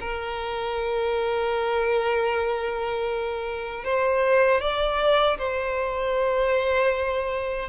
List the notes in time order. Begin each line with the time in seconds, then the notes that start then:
0.00 A#4
3.84 C5
4.60 D5
5.38 C5